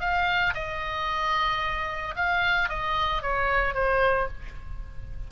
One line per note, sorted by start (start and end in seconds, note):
0.00 0.54 F5
0.54 2.15 D#5
2.16 2.69 F5
2.69 3.22 D#5
3.22 3.74 C#5
3.74 4.28 C5